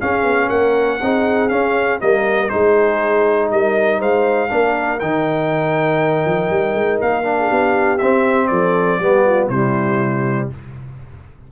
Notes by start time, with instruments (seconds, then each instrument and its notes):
0.00 trombone C#4, tuba C#4, horn G#4, trumpet F5
0.23 tuba B3
0.47 tuba A#3, horn A#4, trumpet F#5
1.01 tuba C4, trombone D#4, horn G#4
1.49 trombone C#4, tuba C#4, trumpet F5
2.00 tuba G3, trombone A#3, horn A#4, trumpet D#5
2.49 tuba G#3, trombone D#4, horn G#4, trumpet C5
3.51 tuba G3, horn A#4, trumpet D#5
3.98 tuba G#3, horn C5, trumpet F5
4.48 tuba A#3, trombone D4, horn A#4
5.00 tuba D#3, trombone D#4, trumpet G5
6.25 tuba F3
6.50 tuba G3
6.74 tuba G#3
7.01 tuba A#3, trumpet F5
7.23 trombone D4
7.39 horn G#4
7.48 tuba B3, horn G4
7.98 tuba C4, trombone C4, trumpet E5
8.47 tuba F3, horn A4, trumpet D5
8.99 tuba G3, trombone B3, horn G4
9.25 horn F4
9.48 tuba C3, trombone G3, horn E4, trumpet C5